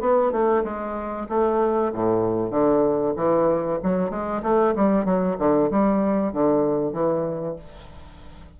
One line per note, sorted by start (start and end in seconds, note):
0.00 0.32 B3
0.32 0.63 A3
0.63 1.27 G#3
1.29 1.92 A3
1.93 2.50 A2
2.50 3.13 D3
3.16 3.79 E3
3.83 4.10 F#3
4.10 4.41 G#3
4.42 4.74 A3
4.75 5.05 G3
5.05 5.37 F#3
5.38 5.70 D3
5.70 6.32 G3
6.32 6.92 D3
6.92 7.56 E3